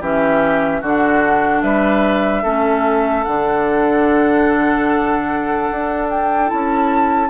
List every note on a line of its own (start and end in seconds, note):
0.00 0.81 E3
0.00 0.83 C#4
0.00 0.81 G4
0.00 0.83 E5
0.81 1.63 D3
0.81 2.44 D4
0.81 1.62 F#4
0.81 1.62 F#5
1.62 2.44 G3
1.62 2.43 B4
1.62 3.24 E5
2.43 3.25 A3
2.43 3.25 C#4
2.43 7.29 A4
3.24 5.70 D3
3.24 6.46 D4
3.24 6.08 F#5
5.71 6.52 D4
6.09 6.50 G5
6.46 7.28 E4
6.46 7.30 A5
6.53 7.30 C#4